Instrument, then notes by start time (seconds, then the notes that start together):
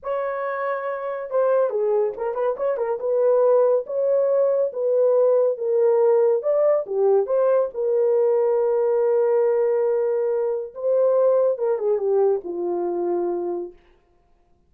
horn
0.02 C#5
1.30 C5
1.70 G#4
2.17 A#4
2.34 B4
2.56 C#5
2.77 A#4
2.99 B4
3.86 C#5
4.72 B4
5.57 A#4
6.42 D5
6.86 G4
7.26 C5
7.74 A#4
10.74 C5
11.57 A#4
11.78 G#4
11.98 G4
12.44 F4